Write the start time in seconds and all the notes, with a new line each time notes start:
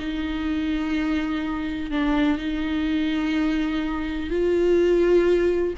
0.00 D#4
1.91 D4
2.38 D#4
4.30 F4